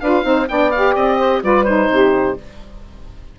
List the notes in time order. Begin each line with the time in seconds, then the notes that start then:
0.00 D4 F4 B4 F5
0.23 C4 D#4 C5
0.48 B3 D4 D5 G5
0.71 G4 F5
0.95 C4 D#5
1.18 C5
1.41 G3 F4 B4 D5
1.64 D#4 C5
1.89 C3 G4